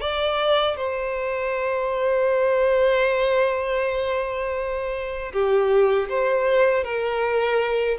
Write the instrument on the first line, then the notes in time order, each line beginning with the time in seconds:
violin
0.00 D5
0.76 C5
5.32 G4
6.09 C5
6.84 A#4